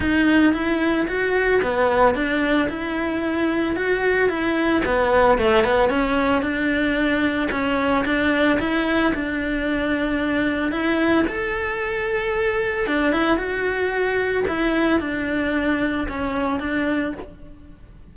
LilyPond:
\new Staff \with { instrumentName = "cello" } { \time 4/4 \tempo 4 = 112 dis'4 e'4 fis'4 b4 | d'4 e'2 fis'4 | e'4 b4 a8 b8 cis'4 | d'2 cis'4 d'4 |
e'4 d'2. | e'4 a'2. | d'8 e'8 fis'2 e'4 | d'2 cis'4 d'4 | }